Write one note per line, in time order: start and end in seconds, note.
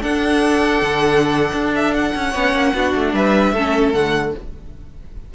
0.00 2.32 D4
0.00 0.82 D4
0.00 2.30 A4
0.00 1.74 F#5
0.82 1.53 D3
1.53 2.14 D4
1.76 1.94 E5
1.94 3.14 F#5
2.15 2.34 C#4
2.30 2.53 B3
2.30 2.75 C#4
2.30 2.71 C#5
2.53 2.73 A#3
2.74 2.94 B3
2.74 3.56 D4
2.74 3.14 F#4
2.95 3.13 A3
3.13 3.53 G3
3.13 3.53 B4
3.13 3.93 E5
3.53 3.93 A3
3.53 3.94 C#4
3.53 4.34 A4
3.93 4.34 D3
3.93 4.34 A3
3.93 4.33 F#5